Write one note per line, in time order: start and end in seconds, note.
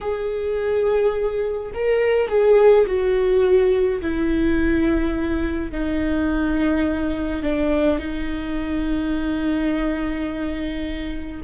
0.00 1.72 G#4
1.74 2.28 A#4
2.28 2.85 G#4
2.86 4.01 F#4
4.01 5.71 E4
5.71 7.42 D#4
7.42 7.98 D4
7.98 11.41 D#4